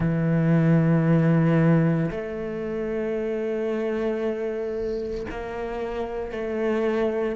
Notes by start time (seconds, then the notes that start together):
0.00 E3
2.11 A3
5.30 A#3
6.32 A3